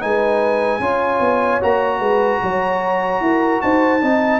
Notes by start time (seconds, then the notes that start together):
0.00 G#3 D#4 B4 G#5
0.79 C#4 F4 C#5
1.20 B3
1.60 A#3 F#4 A#5
1.99 G#3 B4
2.42 F#3 C#5
3.20 E4 A#4
3.61 D#4 C5 A5
4.02 C4 D#4 D#5